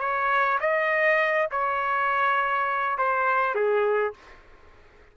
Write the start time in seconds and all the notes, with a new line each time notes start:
0.00 C#5
0.60 D#5
1.51 C#5
2.98 C5
3.55 G#4